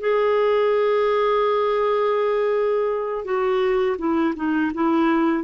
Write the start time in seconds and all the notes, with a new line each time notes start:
0.00 G#4
3.24 F#4
3.98 E4
4.36 D#4
4.74 E4